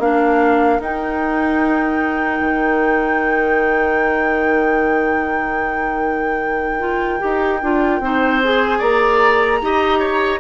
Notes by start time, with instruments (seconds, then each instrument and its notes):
0.00 bassoon A#3, clarinet D4, oboe A#4, flute F5
0.80 bassoon D#4, clarinet D#4, flute G5
2.41 bassoon D#3
6.80 clarinet F4
7.20 bassoon D#4, clarinet G4
7.63 bassoon D4, clarinet F4
8.00 bassoon C4, clarinet D#4, oboe C5
8.44 clarinet G#4, flute G#5
8.79 bassoon A#3, oboe D5, flute A#5
9.61 bassoon D#4, clarinet G4, oboe D#5
10.00 oboe C#5